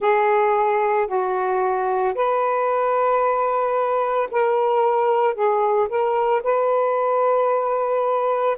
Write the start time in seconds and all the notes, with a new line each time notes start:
0.00 G#4
1.07 F#4
2.14 B4
4.31 A#4
5.34 G#4
5.88 A#4
6.43 B4